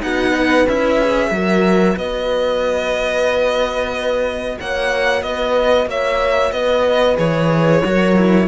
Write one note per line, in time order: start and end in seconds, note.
0.00 0.67 B3
0.00 0.65 D#4
0.00 0.33 F#4
0.00 0.68 F#5
0.33 1.31 B4
0.67 1.31 C#4
0.67 1.01 E4
0.67 1.98 E5
1.01 1.32 G#4
1.31 1.96 F#3
1.31 7.17 F#4
1.31 1.97 A#4
1.96 4.57 B3
1.96 4.58 B4
1.96 4.59 D#5
4.60 5.22 A#3
4.60 5.25 C#5
4.60 5.22 F#5
5.22 5.86 B3
5.22 5.88 B4
5.22 5.88 D#5
5.86 6.51 A#3
5.86 6.53 C#5
5.86 6.52 E5
6.52 7.17 B3
6.52 7.84 B4
6.52 7.17 D#5
7.17 7.84 E3
7.17 7.82 G#4
7.17 8.48 C#5
7.85 8.48 F#3
7.85 8.16 F#4
7.85 8.48 A#4
8.16 8.48 E4